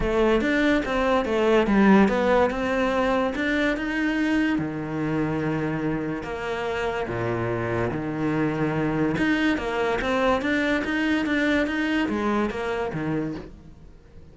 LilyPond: \new Staff \with { instrumentName = "cello" } { \time 4/4 \tempo 4 = 144 a4 d'4 c'4 a4 | g4 b4 c'2 | d'4 dis'2 dis4~ | dis2. ais4~ |
ais4 ais,2 dis4~ | dis2 dis'4 ais4 | c'4 d'4 dis'4 d'4 | dis'4 gis4 ais4 dis4 | }